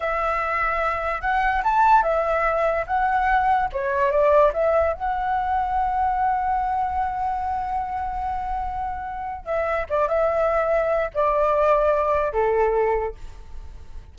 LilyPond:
\new Staff \with { instrumentName = "flute" } { \time 4/4 \tempo 4 = 146 e''2. fis''4 | a''4 e''2 fis''4~ | fis''4 cis''4 d''4 e''4 | fis''1~ |
fis''1~ | fis''2. e''4 | d''8 e''2~ e''8 d''4~ | d''2 a'2 | }